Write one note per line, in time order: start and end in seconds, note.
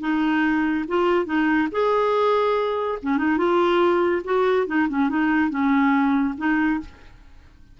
0.00 0.85 D#4
0.88 1.25 F4
1.25 1.68 D#4
1.71 2.98 G#4
3.02 3.17 C#4
3.17 3.37 D#4
3.37 4.22 F4
4.24 4.66 F#4
4.66 4.87 D#4
4.89 5.09 C#4
5.09 5.50 D#4
5.50 6.34 C#4
6.37 6.80 D#4